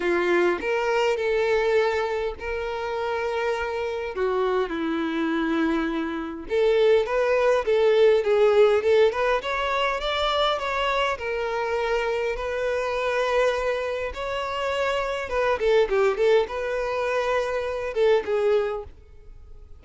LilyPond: \new Staff \with { instrumentName = "violin" } { \time 4/4 \tempo 4 = 102 f'4 ais'4 a'2 | ais'2. fis'4 | e'2. a'4 | b'4 a'4 gis'4 a'8 b'8 |
cis''4 d''4 cis''4 ais'4~ | ais'4 b'2. | cis''2 b'8 a'8 g'8 a'8 | b'2~ b'8 a'8 gis'4 | }